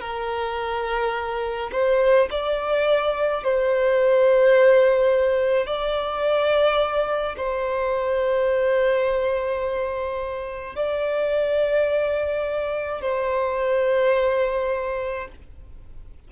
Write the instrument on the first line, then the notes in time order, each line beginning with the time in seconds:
violin
0.00 A#4
1.72 C5
2.31 D5
3.44 C5
5.66 D5
7.37 C5
10.75 D5
13.01 C5